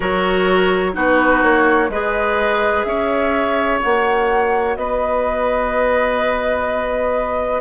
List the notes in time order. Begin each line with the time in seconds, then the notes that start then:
0.00 F#3 F#4 A#4 C#5
0.92 B3 D#4 F#4 B4
1.42 A#3 C#5
1.89 G#3 G#4 B4 D#5
2.83 C#4 C#5 E5
3.80 A#3 F#4 F#5
4.76 B3 B4 D#5